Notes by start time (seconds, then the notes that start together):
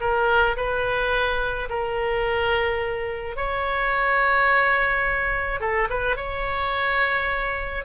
0.00 A#4
0.56 B4
1.69 A#4
3.36 C#5
5.60 A4
5.90 B4
6.16 C#5